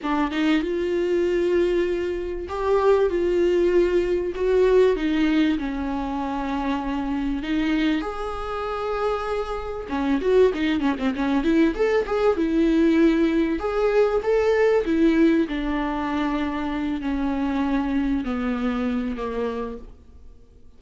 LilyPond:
\new Staff \with { instrumentName = "viola" } { \time 4/4 \tempo 4 = 97 d'8 dis'8 f'2. | g'4 f'2 fis'4 | dis'4 cis'2. | dis'4 gis'2. |
cis'8 fis'8 dis'8 cis'16 c'16 cis'8 e'8 a'8 gis'8 | e'2 gis'4 a'4 | e'4 d'2~ d'8 cis'8~ | cis'4. b4. ais4 | }